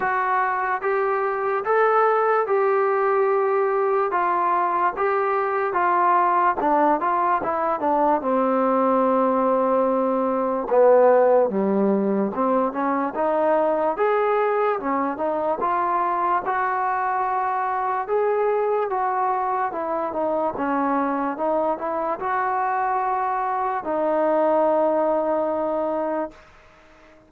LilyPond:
\new Staff \with { instrumentName = "trombone" } { \time 4/4 \tempo 4 = 73 fis'4 g'4 a'4 g'4~ | g'4 f'4 g'4 f'4 | d'8 f'8 e'8 d'8 c'2~ | c'4 b4 g4 c'8 cis'8 |
dis'4 gis'4 cis'8 dis'8 f'4 | fis'2 gis'4 fis'4 | e'8 dis'8 cis'4 dis'8 e'8 fis'4~ | fis'4 dis'2. | }